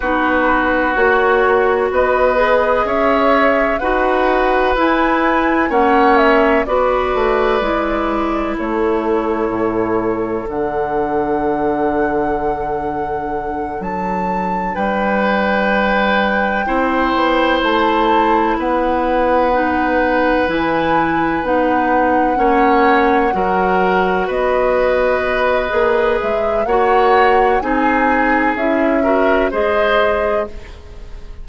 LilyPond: <<
  \new Staff \with { instrumentName = "flute" } { \time 4/4 \tempo 4 = 63 b'4 cis''4 dis''4 e''4 | fis''4 gis''4 fis''8 e''8 d''4~ | d''4 cis''2 fis''4~ | fis''2~ fis''8 a''4 g''8~ |
g''2~ g''8 a''4 fis''8~ | fis''4. gis''4 fis''4.~ | fis''4. dis''2 e''8 | fis''4 gis''4 e''4 dis''4 | }
  \new Staff \with { instrumentName = "oboe" } { \time 4/4 fis'2 b'4 cis''4 | b'2 cis''4 b'4~ | b'4 a'2.~ | a'2.~ a'8 b'8~ |
b'4. c''2 b'8~ | b'2.~ b'8 cis''8~ | cis''8 ais'4 b'2~ b'8 | cis''4 gis'4. ais'8 c''4 | }
  \new Staff \with { instrumentName = "clarinet" } { \time 4/4 dis'4 fis'4. gis'4. | fis'4 e'4 cis'4 fis'4 | e'2. d'4~ | d'1~ |
d'4. e'2~ e'8~ | e'8 dis'4 e'4 dis'4 cis'8~ | cis'8 fis'2~ fis'8 gis'4 | fis'4 dis'4 e'8 fis'8 gis'4 | }
  \new Staff \with { instrumentName = "bassoon" } { \time 4/4 b4 ais4 b4 cis'4 | dis'4 e'4 ais4 b8 a8 | gis4 a4 a,4 d4~ | d2~ d8 fis4 g8~ |
g4. c'8 b8 a4 b8~ | b4. e4 b4 ais8~ | ais8 fis4 b4. ais8 gis8 | ais4 c'4 cis'4 gis4 | }
>>